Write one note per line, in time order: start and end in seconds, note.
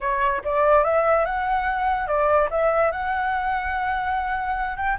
0.00 0.42 C#5
0.44 0.84 D5
0.84 1.25 E5
1.25 2.07 F#5
2.07 2.48 D5
2.50 2.91 E5
2.91 4.76 F#5
4.76 4.97 G5